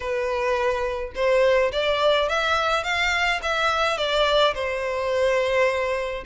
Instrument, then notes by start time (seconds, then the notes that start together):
violin
0.00 B4
1.15 C5
1.72 D5
2.28 E5
2.83 F5
3.42 E5
3.97 D5
4.54 C5